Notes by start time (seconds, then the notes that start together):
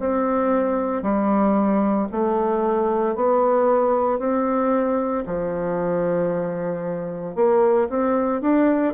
0.00 C4
1.03 G3
2.12 A3
3.16 B3
4.20 C4
5.26 F3
7.36 A#3
7.90 C4
8.42 D4